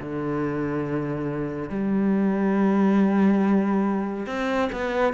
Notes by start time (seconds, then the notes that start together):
0.00 D3
1.70 G3
4.27 C4
4.73 B3